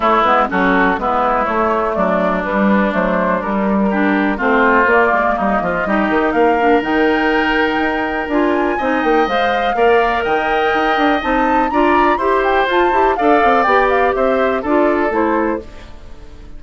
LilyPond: <<
  \new Staff \with { instrumentName = "flute" } { \time 4/4 \tempo 4 = 123 cis''8 b'8 a'4 b'4 cis''4 | d''4 b'4 c''4 ais'4~ | ais'4 c''4 d''4 dis''4~ | dis''4 f''4 g''2~ |
g''4 gis''4. g''8 f''4~ | f''4 g''2 a''4 | ais''4 c'''8 g''8 a''4 f''4 | g''8 f''8 e''4 d''4 c''4 | }
  \new Staff \with { instrumentName = "oboe" } { \time 4/4 e'4 fis'4 e'2 | d'1 | g'4 f'2 dis'8 f'8 | g'4 ais'2.~ |
ais'2 dis''2 | d''4 dis''2. | d''4 c''2 d''4~ | d''4 c''4 a'2 | }
  \new Staff \with { instrumentName = "clarinet" } { \time 4/4 a8 b8 cis'4 b4 a4~ | a4 g4 a4 g4 | d'4 c'4 ais2 | dis'4. d'8 dis'2~ |
dis'4 f'4 dis'4 c''4 | ais'2. dis'4 | f'4 g'4 f'8 g'8 a'4 | g'2 f'4 e'4 | }
  \new Staff \with { instrumentName = "bassoon" } { \time 4/4 a8 gis8 fis4 gis4 a4 | fis4 g4 fis4 g4~ | g4 a4 ais8 gis8 g8 f8 | g8 dis8 ais4 dis2 |
dis'4 d'4 c'8 ais8 gis4 | ais4 dis4 dis'8 d'8 c'4 | d'4 e'4 f'8 e'8 d'8 c'8 | b4 c'4 d'4 a4 | }
>>